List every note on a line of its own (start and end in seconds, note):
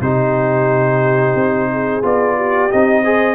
0.00 1.34 C3
0.00 2.02 D#4
0.00 1.71 G4
0.00 2.04 C5
1.34 2.02 C4
1.71 2.36 G#4
2.02 2.71 B3
2.02 2.70 F4
2.02 2.71 D5
2.36 3.03 G4
2.71 3.35 C4
2.71 3.04 D#4
2.71 3.35 D#5
3.03 3.35 G#4
3.03 3.35 C5